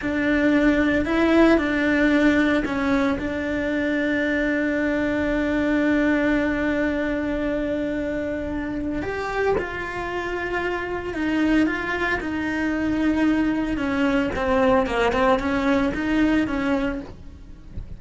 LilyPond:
\new Staff \with { instrumentName = "cello" } { \time 4/4 \tempo 4 = 113 d'2 e'4 d'4~ | d'4 cis'4 d'2~ | d'1~ | d'1~ |
d'4 g'4 f'2~ | f'4 dis'4 f'4 dis'4~ | dis'2 cis'4 c'4 | ais8 c'8 cis'4 dis'4 cis'4 | }